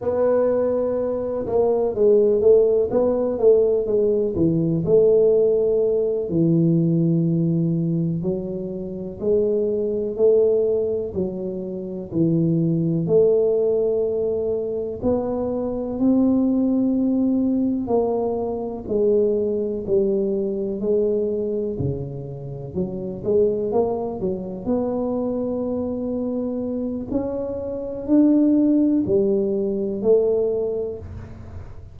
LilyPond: \new Staff \with { instrumentName = "tuba" } { \time 4/4 \tempo 4 = 62 b4. ais8 gis8 a8 b8 a8 | gis8 e8 a4. e4.~ | e8 fis4 gis4 a4 fis8~ | fis8 e4 a2 b8~ |
b8 c'2 ais4 gis8~ | gis8 g4 gis4 cis4 fis8 | gis8 ais8 fis8 b2~ b8 | cis'4 d'4 g4 a4 | }